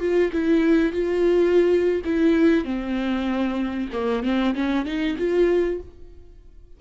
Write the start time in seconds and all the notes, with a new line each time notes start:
0.00 F4
0.33 E4
0.93 F4
2.05 E4
2.64 C4
3.93 A#3
4.23 C4
4.55 C#4
4.86 D#4
5.18 F4